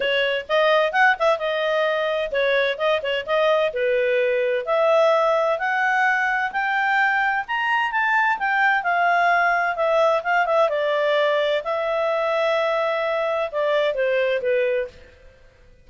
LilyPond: \new Staff \with { instrumentName = "clarinet" } { \time 4/4 \tempo 4 = 129 cis''4 dis''4 fis''8 e''8 dis''4~ | dis''4 cis''4 dis''8 cis''8 dis''4 | b'2 e''2 | fis''2 g''2 |
ais''4 a''4 g''4 f''4~ | f''4 e''4 f''8 e''8 d''4~ | d''4 e''2.~ | e''4 d''4 c''4 b'4 | }